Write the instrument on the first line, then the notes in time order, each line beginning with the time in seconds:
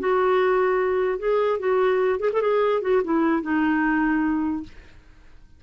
clarinet
0.00 F#4
1.19 G#4
1.60 F#4
2.20 G#4
2.33 A4
2.42 G#4
2.82 F#4
3.04 E4
3.43 D#4